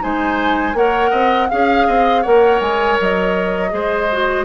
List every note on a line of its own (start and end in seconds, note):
0.00 0.74 G#3
0.00 0.74 D#4
0.00 0.77 C5
0.00 0.77 G#5
0.74 1.11 A#3
0.74 1.49 A#4
0.74 1.10 C#5
0.74 1.49 F#5
1.10 1.50 C4
1.10 1.48 D#5
1.49 1.88 C#4
1.49 2.25 G#4
1.49 2.23 F5
1.49 1.87 F5
1.87 2.25 C4
1.87 2.22 D#5
2.22 2.61 A#3
2.22 3.70 A#4
2.22 3.70 C#5
2.22 2.60 F#5
2.61 2.98 G#3
2.61 2.98 G#5
3.01 3.73 F#3
3.01 4.46 D#5
3.70 4.46 G#3
3.70 4.07 G#4
3.70 4.46 C5
4.12 4.46 F#4